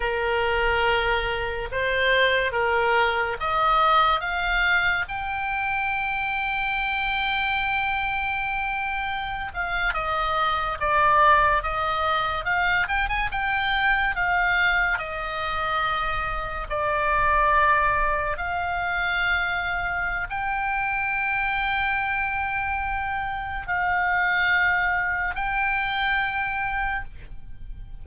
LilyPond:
\new Staff \with { instrumentName = "oboe" } { \time 4/4 \tempo 4 = 71 ais'2 c''4 ais'4 | dis''4 f''4 g''2~ | g''2.~ g''16 f''8 dis''16~ | dis''8. d''4 dis''4 f''8 g''16 gis''16 g''16~ |
g''8. f''4 dis''2 d''16~ | d''4.~ d''16 f''2~ f''16 | g''1 | f''2 g''2 | }